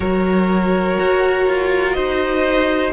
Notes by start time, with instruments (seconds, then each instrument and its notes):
0.00 cello F#3, viola F#4, violin A#4 C#5
0.99 cello F#4
1.47 cello F4
1.92 cello D#4, violin C5 D#5